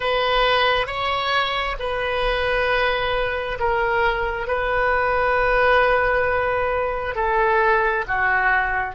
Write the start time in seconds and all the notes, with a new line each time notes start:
0.00 B4
0.87 C#5
1.79 B4
3.59 A#4
4.47 B4
7.15 A4
8.07 F#4